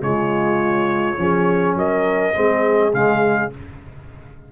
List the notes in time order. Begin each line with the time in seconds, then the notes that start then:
0.00 C#3 G#3 F4 C#5
1.17 F3 C#4 G#4
1.76 F#3 A#4 D#5
2.33 G#3 C4 G#4
2.92 C#3 G#3 F5